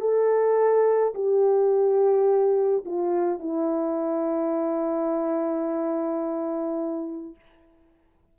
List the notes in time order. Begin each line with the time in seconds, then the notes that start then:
0.00 A4
1.14 G4
2.85 F4
3.39 E4